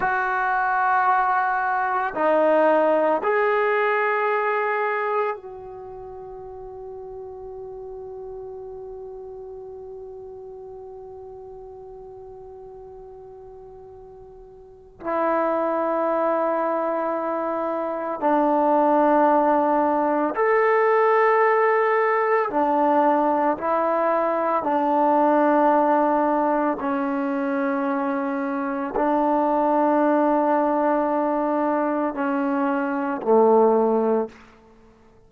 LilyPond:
\new Staff \with { instrumentName = "trombone" } { \time 4/4 \tempo 4 = 56 fis'2 dis'4 gis'4~ | gis'4 fis'2.~ | fis'1~ | fis'2 e'2~ |
e'4 d'2 a'4~ | a'4 d'4 e'4 d'4~ | d'4 cis'2 d'4~ | d'2 cis'4 a4 | }